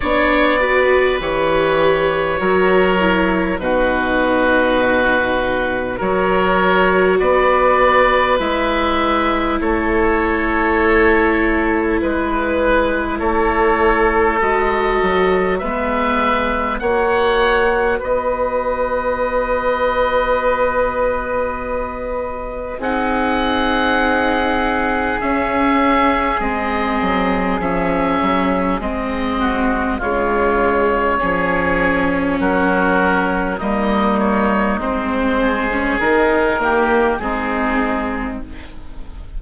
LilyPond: <<
  \new Staff \with { instrumentName = "oboe" } { \time 4/4 \tempo 4 = 50 d''4 cis''2 b'4~ | b'4 cis''4 d''4 e''4 | cis''2 b'4 cis''4 | dis''4 e''4 fis''4 dis''4~ |
dis''2. fis''4~ | fis''4 e''4 dis''4 e''4 | dis''4 cis''2 ais'4 | dis''8 cis''8 c''4 ais'4 gis'4 | }
  \new Staff \with { instrumentName = "oboe" } { \time 4/4 cis''8 b'4. ais'4 fis'4~ | fis'4 ais'4 b'2 | a'2 b'4 a'4~ | a'4 b'4 cis''4 b'4~ |
b'2. gis'4~ | gis'1~ | gis'8 fis'8 f'4 gis'4 fis'4 | dis'4. gis'4 g'8 dis'4 | }
  \new Staff \with { instrumentName = "viola" } { \time 4/4 d'8 fis'8 g'4 fis'8 e'8 dis'4~ | dis'4 fis'2 e'4~ | e'1 | fis'4 b4 fis'2~ |
fis'2. dis'4~ | dis'4 cis'4 c'4 cis'4 | c'4 gis4 cis'2 | ais4 c'8. cis'16 dis'8 ais8 c'4 | }
  \new Staff \with { instrumentName = "bassoon" } { \time 4/4 b4 e4 fis4 b,4~ | b,4 fis4 b4 gis4 | a2 gis4 a4 | gis8 fis8 gis4 ais4 b4~ |
b2. c'4~ | c'4 cis'4 gis8 fis8 f8 fis8 | gis4 cis4 f4 fis4 | g4 gis4 dis4 gis4 | }
>>